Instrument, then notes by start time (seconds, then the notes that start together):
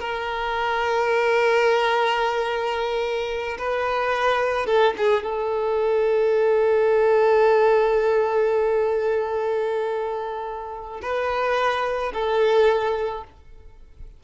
violin
0.00 A#4
3.58 B4
4.66 A4
4.98 G#4
5.23 A4
11.02 B4
12.14 A4